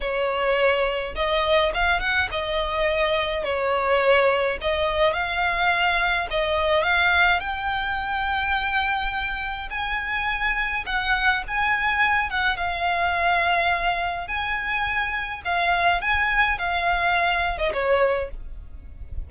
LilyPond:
\new Staff \with { instrumentName = "violin" } { \time 4/4 \tempo 4 = 105 cis''2 dis''4 f''8 fis''8 | dis''2 cis''2 | dis''4 f''2 dis''4 | f''4 g''2.~ |
g''4 gis''2 fis''4 | gis''4. fis''8 f''2~ | f''4 gis''2 f''4 | gis''4 f''4.~ f''16 dis''16 cis''4 | }